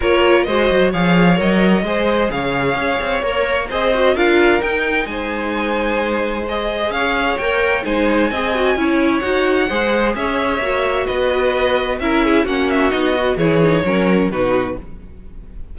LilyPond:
<<
  \new Staff \with { instrumentName = "violin" } { \time 4/4 \tempo 4 = 130 cis''4 dis''4 f''4 dis''4~ | dis''4 f''2 cis''4 | dis''4 f''4 g''4 gis''4~ | gis''2 dis''4 f''4 |
g''4 gis''2. | fis''2 e''2 | dis''2 e''4 fis''8 e''8 | dis''4 cis''2 b'4 | }
  \new Staff \with { instrumentName = "violin" } { \time 4/4 ais'4 c''4 cis''2 | c''4 cis''2. | c''4 ais'2 c''4~ | c''2. cis''4~ |
cis''4 c''4 dis''4 cis''4~ | cis''4 c''4 cis''2 | b'2 ais'8 gis'8 fis'4~ | fis'4 gis'4 ais'4 fis'4 | }
  \new Staff \with { instrumentName = "viola" } { \time 4/4 f'4 fis'4 gis'4 ais'4 | gis'2. ais'4 | gis'8 fis'8 f'4 dis'2~ | dis'2 gis'2 |
ais'4 dis'4 gis'8 fis'8 e'4 | fis'4 gis'2 fis'4~ | fis'2 e'4 cis'4 | dis'8 fis'8 e'8 dis'8 cis'4 dis'4 | }
  \new Staff \with { instrumentName = "cello" } { \time 4/4 ais4 gis8 fis8 f4 fis4 | gis4 cis4 cis'8 c'8 ais4 | c'4 d'4 dis'4 gis4~ | gis2. cis'4 |
ais4 gis4 c'4 cis'4 | dis'4 gis4 cis'4 ais4 | b2 cis'4 ais4 | b4 e4 fis4 b,4 | }
>>